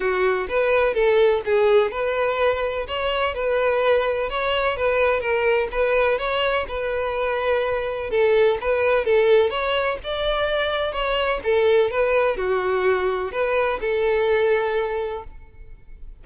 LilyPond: \new Staff \with { instrumentName = "violin" } { \time 4/4 \tempo 4 = 126 fis'4 b'4 a'4 gis'4 | b'2 cis''4 b'4~ | b'4 cis''4 b'4 ais'4 | b'4 cis''4 b'2~ |
b'4 a'4 b'4 a'4 | cis''4 d''2 cis''4 | a'4 b'4 fis'2 | b'4 a'2. | }